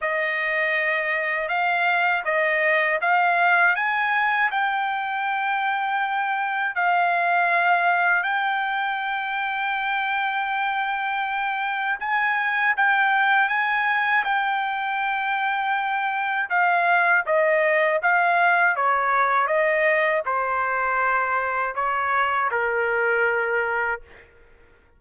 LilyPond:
\new Staff \with { instrumentName = "trumpet" } { \time 4/4 \tempo 4 = 80 dis''2 f''4 dis''4 | f''4 gis''4 g''2~ | g''4 f''2 g''4~ | g''1 |
gis''4 g''4 gis''4 g''4~ | g''2 f''4 dis''4 | f''4 cis''4 dis''4 c''4~ | c''4 cis''4 ais'2 | }